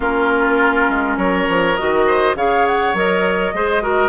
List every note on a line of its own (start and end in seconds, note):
0.00 0.88 A#3
0.00 1.76 C#4
0.00 1.17 F4
0.00 1.18 A#4
0.88 1.17 G#3
1.17 1.46 F#3
1.17 2.05 A#4
1.17 1.76 C#5
1.48 1.78 F3
1.76 2.35 D#3
1.76 2.35 F#4
1.76 2.35 D#5
2.06 2.36 C5
2.35 2.93 C#3
2.35 2.94 G#4
2.35 3.54 C#5
2.35 2.66 F5
2.66 2.95 F#5
2.93 3.52 F#3
2.93 3.53 A#4
2.93 4.09 D#5
3.53 4.09 G#3
3.53 3.81 G#4
3.53 3.82 C5
3.81 4.09 F#4
3.81 4.09 A#4